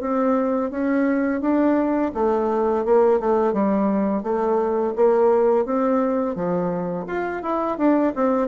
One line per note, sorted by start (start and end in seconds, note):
0.00 0.71 C4
0.71 1.41 C#4
1.41 2.12 D4
2.14 2.85 A3
2.85 3.20 A#3
3.20 3.53 A3
3.53 4.23 G3
4.23 4.93 A3
4.96 5.65 A#3
5.65 6.35 C4
6.35 7.06 F3
7.07 7.42 F4
7.42 7.78 E4
7.78 8.13 D4
8.15 8.48 C4